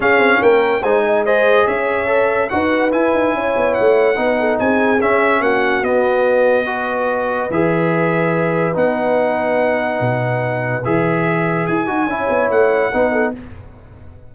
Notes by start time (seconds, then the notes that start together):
0.00 C#4 G#4 F5
0.18 C4
0.41 A#3 A#4 G5
0.81 G#3 D#4 C5 G#5
1.05 D#5
1.25 G#4 C5 D#5
1.66 C#4 C#5 E5
2.07 A4
2.49 D#4 F#4 B4 F#5
2.91 E4 G#5
3.13 D#4
3.34 C#4 C#5
3.56 B3
3.74 A3 F#5
4.15 B3 D#4 B4
4.39 A4
4.59 C4 G#4 G#5
5.01 C#4 E5
5.40 A#3 F#4 F#5
5.82 B3 D#5
6.66 F#4 B4
7.50 E3 G#4 E5
8.74 B3 D#4 F#5
10.00 B2
10.84 E3 G#4 E5
11.66 E4 G#5
11.86 D#4 F#4
12.06 C#4 E4 C#5
12.29 B3
12.50 A3 F#5
12.91 B3 D#4 B4
13.12 A4